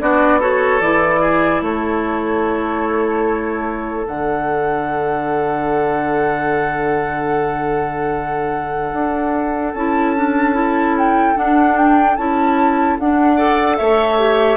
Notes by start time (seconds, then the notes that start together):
0.00 B3 D4 F#4 D5
0.39 F#4 A4 C#5
0.81 E3 E4 D5
1.20 G#4
1.61 A3 A4 C#5
4.06 D3 D4 F#5
8.93 D4
9.73 C#4 E4 A5
10.16 D4
10.54 E4
10.98 G5
11.35 D4 F#5
11.77 G5
12.16 C#4 E4 A5
12.99 D4 F#5
13.36 A4 D5
13.77 A3 C#5 E5
14.19 G4